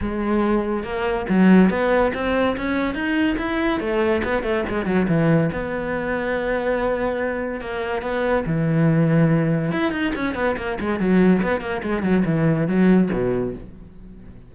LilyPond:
\new Staff \with { instrumentName = "cello" } { \time 4/4 \tempo 4 = 142 gis2 ais4 fis4 | b4 c'4 cis'4 dis'4 | e'4 a4 b8 a8 gis8 fis8 | e4 b2.~ |
b2 ais4 b4 | e2. e'8 dis'8 | cis'8 b8 ais8 gis8 fis4 b8 ais8 | gis8 fis8 e4 fis4 b,4 | }